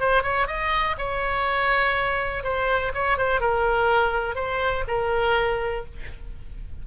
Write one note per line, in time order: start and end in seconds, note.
0.00 0.23 C5
0.23 0.47 C#5
0.48 0.96 D#5
0.98 2.44 C#5
2.44 2.93 C5
2.94 3.18 C#5
3.18 3.41 C5
3.41 4.36 A#4
4.36 4.84 C5
4.88 5.86 A#4